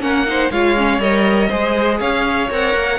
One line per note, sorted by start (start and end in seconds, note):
0.00 0.50 A#3
0.00 0.25 C#4
0.00 0.26 A#4
0.00 0.51 F#5
0.26 0.51 D#4
0.26 0.52 C5
0.51 0.99 G#3
0.51 0.77 F4
0.51 1.49 C#5
0.51 1.01 F5
0.77 1.01 C#4
0.99 1.49 G3
0.99 1.50 A#4
0.99 2.00 D#5
1.49 2.00 G#3
1.49 2.50 G#4
1.49 1.99 C5
1.99 2.50 C#4
1.99 2.99 C#5
1.99 2.50 F5
2.50 2.74 C4
2.50 2.99 A#4
2.50 2.99 F#5
2.74 2.99 A#3